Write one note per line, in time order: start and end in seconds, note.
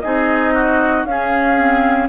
0.00 1.05 C4
0.00 1.06 D#4
0.00 0.54 G#4
0.00 1.03 D#5
0.54 1.05 F#4
1.05 2.08 C#4
1.05 1.57 C#4
1.05 2.08 G#4
1.05 2.08 F5
1.57 2.08 C4